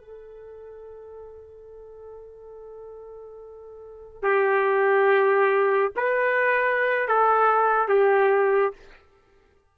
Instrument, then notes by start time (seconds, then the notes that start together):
trumpet
0.00 A4
4.22 G4
5.96 B4
7.08 A4
7.88 G4